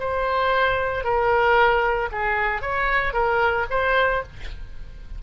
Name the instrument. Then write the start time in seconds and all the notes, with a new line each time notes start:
oboe
0.00 C5
1.04 A#4
2.12 G#4
2.62 C#5
3.13 A#4
3.70 C5